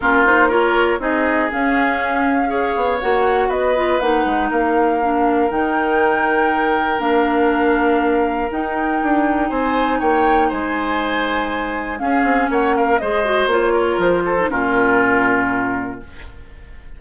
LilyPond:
<<
  \new Staff \with { instrumentName = "flute" } { \time 4/4 \tempo 4 = 120 ais'8 c''8 cis''4 dis''4 f''4~ | f''2 fis''4 dis''4 | fis''4 f''2 g''4~ | g''2 f''2~ |
f''4 g''2 gis''4 | g''4 gis''2. | f''4 fis''8 f''8 dis''4 cis''4 | c''4 ais'2. | }
  \new Staff \with { instrumentName = "oboe" } { \time 4/4 f'4 ais'4 gis'2~ | gis'4 cis''2 b'4~ | b'4 ais'2.~ | ais'1~ |
ais'2. c''4 | cis''4 c''2. | gis'4 cis''8 ais'8 c''4. ais'8~ | ais'8 a'8 f'2. | }
  \new Staff \with { instrumentName = "clarinet" } { \time 4/4 cis'8 dis'8 f'4 dis'4 cis'4~ | cis'4 gis'4 fis'4. f'8 | dis'2 d'4 dis'4~ | dis'2 d'2~ |
d'4 dis'2.~ | dis'1 | cis'2 gis'8 fis'8 f'4~ | f'8. dis'16 cis'2. | }
  \new Staff \with { instrumentName = "bassoon" } { \time 4/4 ais2 c'4 cis'4~ | cis'4. b8 ais4 b4 | ais8 gis8 ais2 dis4~ | dis2 ais2~ |
ais4 dis'4 d'4 c'4 | ais4 gis2. | cis'8 c'8 ais4 gis4 ais4 | f4 ais,2. | }
>>